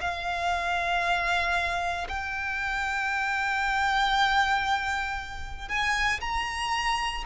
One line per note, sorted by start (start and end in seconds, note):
0.00 2.07 F5
2.08 5.68 G5
5.68 6.20 G#5
6.20 7.24 A#5